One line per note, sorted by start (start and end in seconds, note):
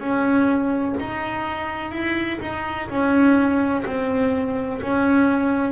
0.00 0.95 C#4
1.00 1.92 D#4
1.92 2.39 E4
2.41 2.89 D#4
2.89 3.84 C#4
3.86 4.81 C4
4.82 5.72 C#4